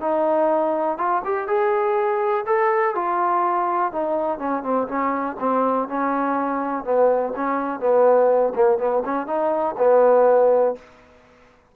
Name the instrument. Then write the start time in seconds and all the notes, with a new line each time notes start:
trombone
0.00 D#4
0.98 F4
1.24 G4
1.47 G#4
2.46 A4
2.95 F4
3.92 D#4
4.39 C#4
4.63 C4
4.88 C#4
5.39 C4
5.88 C#4
6.84 B3
7.36 C#4
7.80 B3
8.55 A#3
8.78 B3
9.05 C#4
9.27 D#4
9.78 B3